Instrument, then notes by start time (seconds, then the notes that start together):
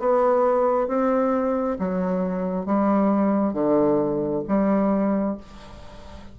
bassoon
0.00 B3
0.88 C4
1.79 F#3
2.66 G3
3.54 D3
4.48 G3